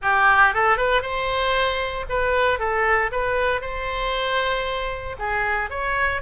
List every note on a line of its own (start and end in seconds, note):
0.02 0.53 G4
0.54 0.77 A4
0.77 1.02 B4
1.02 2.05 C5
2.09 2.59 B4
2.59 3.10 A4
3.11 3.61 B4
3.61 5.16 C5
5.18 5.69 G#4
5.69 6.21 C#5